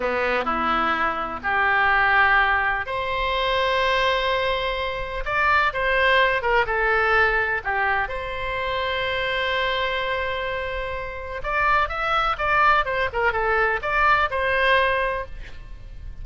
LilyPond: \new Staff \with { instrumentName = "oboe" } { \time 4/4 \tempo 4 = 126 b4 e'2 g'4~ | g'2 c''2~ | c''2. d''4 | c''4. ais'8 a'2 |
g'4 c''2.~ | c''1 | d''4 e''4 d''4 c''8 ais'8 | a'4 d''4 c''2 | }